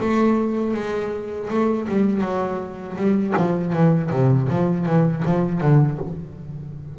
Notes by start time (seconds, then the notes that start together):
0.00 A3
0.74 G#3
1.50 A3
1.88 G3
2.21 F#3
2.96 G3
3.36 F3
3.72 E3
4.10 C3
4.48 F3
4.85 E3
5.25 F3
5.60 D3